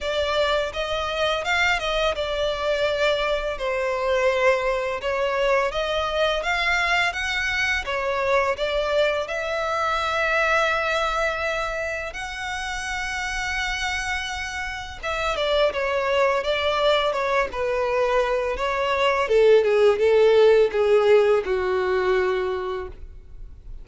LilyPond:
\new Staff \with { instrumentName = "violin" } { \time 4/4 \tempo 4 = 84 d''4 dis''4 f''8 dis''8 d''4~ | d''4 c''2 cis''4 | dis''4 f''4 fis''4 cis''4 | d''4 e''2.~ |
e''4 fis''2.~ | fis''4 e''8 d''8 cis''4 d''4 | cis''8 b'4. cis''4 a'8 gis'8 | a'4 gis'4 fis'2 | }